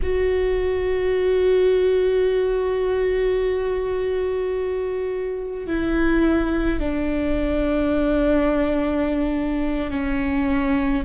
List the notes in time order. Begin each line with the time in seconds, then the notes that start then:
0.02 F#4
5.67 E4
6.79 D4
9.90 C#4